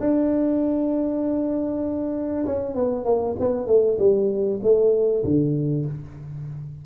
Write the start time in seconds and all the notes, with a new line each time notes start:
0.00 D4
2.46 C#4
2.75 B3
3.04 A#3
3.39 B3
3.67 A3
3.99 G3
4.63 A3
5.24 D3